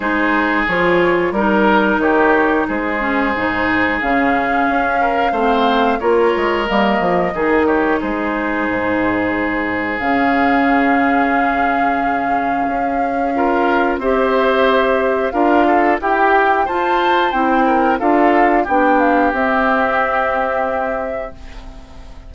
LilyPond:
<<
  \new Staff \with { instrumentName = "flute" } { \time 4/4 \tempo 4 = 90 c''4 cis''4 ais'4 cis''4 | c''2 f''2~ | f''4 cis''4 dis''4. cis''8 | c''2. f''4~ |
f''1~ | f''4 e''2 f''4 | g''4 a''4 g''4 f''4 | g''8 f''8 e''2. | }
  \new Staff \with { instrumentName = "oboe" } { \time 4/4 gis'2 ais'4 g'4 | gis'2.~ gis'8 ais'8 | c''4 ais'2 gis'8 g'8 | gis'1~ |
gis'1 | ais'4 c''2 ais'8 a'8 | g'4 c''4. ais'8 a'4 | g'1 | }
  \new Staff \with { instrumentName = "clarinet" } { \time 4/4 dis'4 f'4 dis'2~ | dis'8 cis'8 dis'4 cis'2 | c'4 f'4 ais4 dis'4~ | dis'2. cis'4~ |
cis'1 | f'4 g'2 f'4 | g'4 f'4 e'4 f'4 | d'4 c'2. | }
  \new Staff \with { instrumentName = "bassoon" } { \time 4/4 gis4 f4 g4 dis4 | gis4 gis,4 cis4 cis'4 | a4 ais8 gis8 g8 f8 dis4 | gis4 gis,2 cis4~ |
cis2. cis'4~ | cis'4 c'2 d'4 | e'4 f'4 c'4 d'4 | b4 c'2. | }
>>